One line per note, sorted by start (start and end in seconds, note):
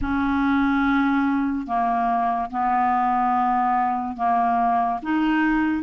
0.01 1.66 C#4
1.66 2.50 A#3
2.50 4.16 B3
4.16 5.00 A#3
5.02 5.83 D#4